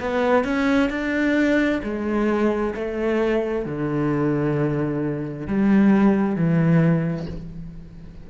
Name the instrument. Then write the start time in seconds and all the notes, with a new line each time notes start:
cello
0.00 B3
0.44 C#4
0.90 D4
1.83 G#3
2.75 A3
3.65 D3
5.48 G3
6.36 E3